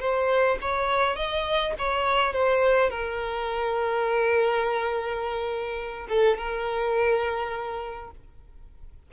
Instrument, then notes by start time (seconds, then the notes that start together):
violin
0.00 C5
0.61 C#5
1.16 D#5
1.79 C#5
2.33 C5
2.90 A#4
6.09 A4
6.37 A#4